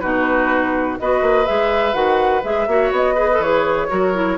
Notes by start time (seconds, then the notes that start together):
0.00 B2 D#4 F#4 B4
1.00 B3 F#4 B4 D#5
1.22 A#3
1.46 G#3 G#4 E5
1.93 D#3 F#4 F#5
2.44 G#3 G#4 E5
2.67 A#3 F#4 C#5
2.91 B3 D#5
3.15 G#4 B4
3.32 A4
3.39 E3 G#4 C#5
3.89 F#3 F#4 A#4
4.14 E4